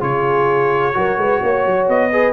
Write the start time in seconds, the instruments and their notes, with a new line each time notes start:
0.00 tuba C#3, trombone F4, horn G#4, trumpet C#5
0.93 tuba F#3, trombone F#4, horn A#4
1.17 tuba G#3, horn B4
1.41 tuba A#3, horn C#5
1.65 tuba F#3
1.88 tuba B3, trumpet D#5
2.11 trombone G#4, horn B4